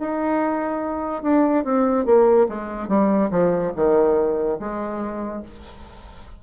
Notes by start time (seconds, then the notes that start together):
0.00 D#4
1.23 D4
1.64 C4
2.06 A#3
2.49 G#3
2.89 G3
3.31 F3
3.76 D#3
4.60 G#3